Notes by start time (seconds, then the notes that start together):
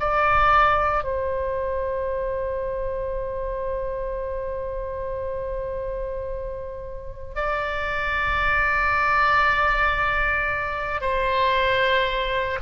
0.00 D5
1.04 C5
7.35 D5
11.00 C5